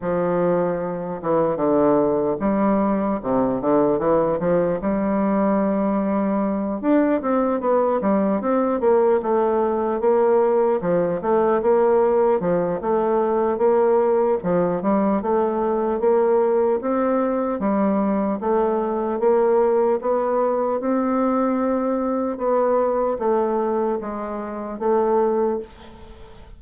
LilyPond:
\new Staff \with { instrumentName = "bassoon" } { \time 4/4 \tempo 4 = 75 f4. e8 d4 g4 | c8 d8 e8 f8 g2~ | g8 d'8 c'8 b8 g8 c'8 ais8 a8~ | a8 ais4 f8 a8 ais4 f8 |
a4 ais4 f8 g8 a4 | ais4 c'4 g4 a4 | ais4 b4 c'2 | b4 a4 gis4 a4 | }